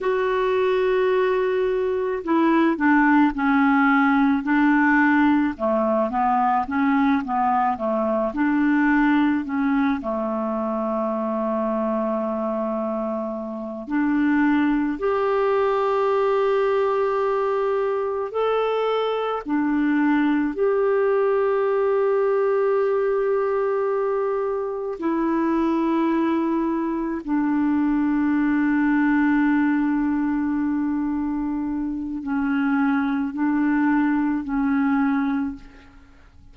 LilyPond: \new Staff \with { instrumentName = "clarinet" } { \time 4/4 \tempo 4 = 54 fis'2 e'8 d'8 cis'4 | d'4 a8 b8 cis'8 b8 a8 d'8~ | d'8 cis'8 a2.~ | a8 d'4 g'2~ g'8~ |
g'8 a'4 d'4 g'4.~ | g'2~ g'8 e'4.~ | e'8 d'2.~ d'8~ | d'4 cis'4 d'4 cis'4 | }